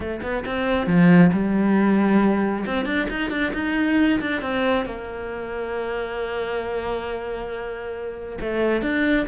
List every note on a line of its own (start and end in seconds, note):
0.00 0.20 A3
0.22 0.44 B3
0.45 0.86 C4
0.86 1.31 F3
1.32 2.65 G3
2.66 2.85 C4
2.85 3.07 D4
3.10 3.30 D#4
3.30 3.52 D4
3.53 4.20 D#4
4.20 4.41 D4
4.41 4.85 C4
4.85 8.38 A#3
8.40 8.82 A3
8.82 9.26 D4